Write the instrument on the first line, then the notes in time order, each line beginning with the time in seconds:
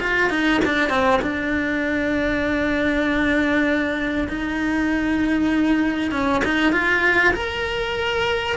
cello
0.00 F4
0.30 D#4
0.65 D4
0.90 C4
1.22 D4
4.29 D#4
6.12 C#4
6.45 D#4
6.72 F4
7.34 A#4